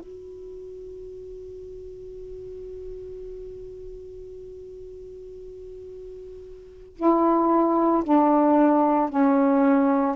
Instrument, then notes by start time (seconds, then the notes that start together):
saxophone
0.00 F#4
6.97 E4
8.04 D4
9.10 C#4